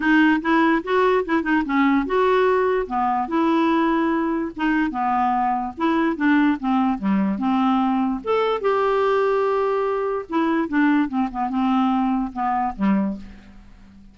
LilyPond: \new Staff \with { instrumentName = "clarinet" } { \time 4/4 \tempo 4 = 146 dis'4 e'4 fis'4 e'8 dis'8 | cis'4 fis'2 b4 | e'2. dis'4 | b2 e'4 d'4 |
c'4 g4 c'2 | a'4 g'2.~ | g'4 e'4 d'4 c'8 b8 | c'2 b4 g4 | }